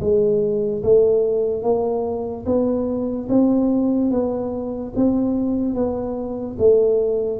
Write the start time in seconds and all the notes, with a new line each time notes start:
0.00 G#3
0.83 A3
1.63 A#3
2.45 B3
3.28 C4
4.11 B3
4.95 C4
5.74 B3
6.58 A3